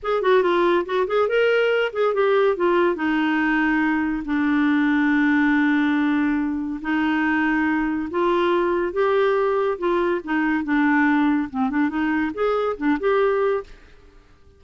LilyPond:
\new Staff \with { instrumentName = "clarinet" } { \time 4/4 \tempo 4 = 141 gis'8 fis'8 f'4 fis'8 gis'8 ais'4~ | ais'8 gis'8 g'4 f'4 dis'4~ | dis'2 d'2~ | d'1 |
dis'2. f'4~ | f'4 g'2 f'4 | dis'4 d'2 c'8 d'8 | dis'4 gis'4 d'8 g'4. | }